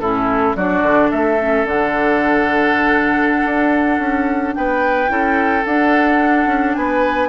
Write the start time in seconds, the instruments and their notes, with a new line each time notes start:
0.00 bassoon A2, clarinet C#4, oboe E4, flute A4
0.56 bassoon F#3, clarinet D4, oboe F#4, flute D5
0.83 bassoon D3
1.11 bassoon A3, oboe A4, flute E5
1.40 clarinet C#4
1.65 bassoon D3, clarinet D4, flute F#5
3.46 bassoon D4
3.99 bassoon C#4
4.55 bassoon B3, oboe B4, flute G5
5.08 bassoon C#4, clarinet E4, oboe A4
5.66 bassoon D4, clarinet D4, flute F#5
6.47 bassoon C#4
6.75 bassoon B3, oboe B4, flute G#5